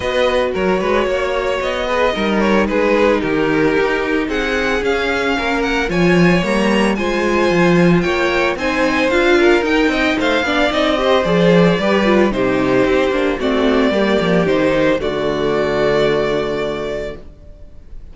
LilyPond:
<<
  \new Staff \with { instrumentName = "violin" } { \time 4/4 \tempo 4 = 112 dis''4 cis''2 dis''4~ | dis''8 cis''8 b'4 ais'2 | fis''4 f''4. fis''8 gis''4 | ais''4 gis''2 g''4 |
gis''4 f''4 g''4 f''4 | dis''4 d''2 c''4~ | c''4 d''2 c''4 | d''1 | }
  \new Staff \with { instrumentName = "violin" } { \time 4/4 b'4 ais'8 b'8 cis''4. b'8 | ais'4 gis'4 g'2 | gis'2 ais'4 cis''4~ | cis''4 c''2 cis''4 |
c''4. ais'4 dis''8 c''8 d''8~ | d''8 c''4. b'4 g'4~ | g'4 fis'4 g'2 | fis'1 | }
  \new Staff \with { instrumentName = "viola" } { \time 4/4 fis'2.~ fis'8 gis'8 | dis'1~ | dis'4 cis'2 f'4 | ais4 f'2. |
dis'4 f'4 dis'4. d'8 | dis'8 g'8 gis'4 g'8 f'8 dis'4~ | dis'8 d'8 c'4 ais4 dis'4 | a1 | }
  \new Staff \with { instrumentName = "cello" } { \time 4/4 b4 fis8 gis8 ais4 b4 | g4 gis4 dis4 dis'4 | c'4 cis'4 ais4 f4 | g4 gis4 f4 ais4 |
c'4 d'4 dis'8 c'8 a8 b8 | c'4 f4 g4 c4 | c'8 ais8 a4 g8 f8 dis4 | d1 | }
>>